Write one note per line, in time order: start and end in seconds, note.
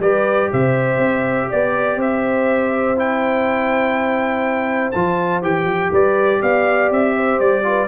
0.00 0.49 G3
0.00 2.97 G4
0.00 0.51 B4
0.00 0.51 D5
0.52 0.99 C3
0.52 1.50 C5
0.52 1.52 E5
0.99 1.48 C4
1.50 1.96 B3
1.50 1.99 D5
1.50 2.01 D5
1.96 4.91 C4
1.96 5.92 C5
1.96 3.00 E5
2.97 4.93 E4
2.97 4.92 G5
4.92 5.42 F3
4.92 5.43 F4
4.92 5.41 A5
5.42 5.65 E3
5.42 7.64 G4
5.42 5.93 G5
5.65 5.90 F3
5.92 6.42 G3
5.92 6.41 B4
5.92 6.43 D5
6.42 6.91 B3
6.42 7.15 D5
6.42 6.92 F5
6.91 7.40 C4
6.91 7.40 E5
7.17 7.66 C5
7.40 7.88 G3
7.40 7.88 D5
7.64 7.88 F4
7.64 7.88 B4